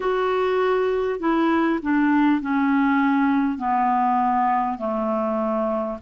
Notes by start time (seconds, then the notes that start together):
0.00 F#4
1.19 E4
1.82 D4
2.41 C#4
3.58 B3
4.78 A3